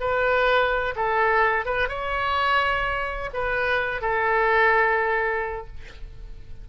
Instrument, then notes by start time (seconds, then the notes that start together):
oboe
0.00 B4
0.96 A4
1.65 B4
1.88 C#5
3.33 B4
4.01 A4